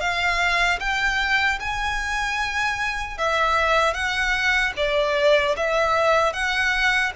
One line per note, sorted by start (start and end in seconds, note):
0.00 0.79 F5
0.80 1.59 G5
1.60 3.18 G#5
3.18 3.93 E5
3.93 4.72 F#5
4.76 5.55 D5
5.57 6.33 E5
6.33 7.12 F#5